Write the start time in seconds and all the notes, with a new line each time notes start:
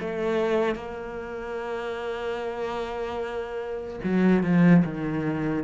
0.00 A3
0.75 A#3
4.04 F#3
4.43 F3
4.85 D#3